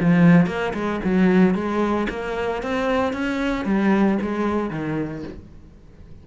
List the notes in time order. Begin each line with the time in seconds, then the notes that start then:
0.00 F3
0.46 A#3
0.73 G#3
1.04 F#3
1.54 G#3
2.09 A#3
2.62 C4
3.13 C#4
3.65 G3
4.21 G#3
4.70 D#3